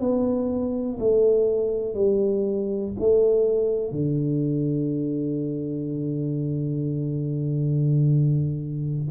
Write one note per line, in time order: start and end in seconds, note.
0.00 0.98 B3
0.99 1.94 A3
1.94 2.92 G3
2.99 3.92 A3
3.92 9.08 D3